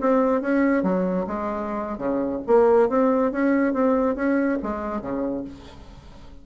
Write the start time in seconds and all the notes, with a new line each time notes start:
0.00 C4
0.41 C#4
0.83 F#3
1.27 G#3
1.97 C#3
2.47 A#3
2.89 C4
3.32 C#4
3.73 C4
4.15 C#4
4.62 G#3
5.01 C#3